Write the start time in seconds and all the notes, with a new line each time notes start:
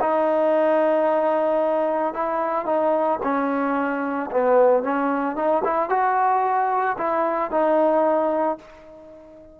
0.00 D#4
2.13 E4
2.65 D#4
3.23 C#4
4.31 B3
4.83 C#4
5.35 D#4
5.64 E4
5.89 F#4
6.97 E4
7.50 D#4